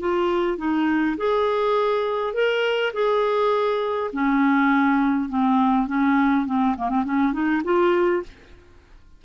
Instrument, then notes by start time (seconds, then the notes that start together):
clarinet
0.00 F4
0.58 D#4
1.17 G#4
2.33 A#4
2.93 G#4
4.13 C#4
5.29 C4
5.87 C#4
6.46 C4
6.77 A#3
6.89 C4
7.05 C#4
7.33 D#4
7.64 F4